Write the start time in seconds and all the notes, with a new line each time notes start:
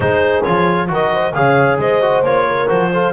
0.00 G#3 D#4 G#4 C5
0.43 F3 F4 C#5
0.87 D#3 F#4 A#4 D#5
1.12 C5
1.33 C#3 G#4 C#5 F5
1.78 G#3 C5 D#5
2.01 F#4
2.22 A#3 F4 C#5
2.46 A#4
2.68 F3 F#4 C5
2.93 F4 A4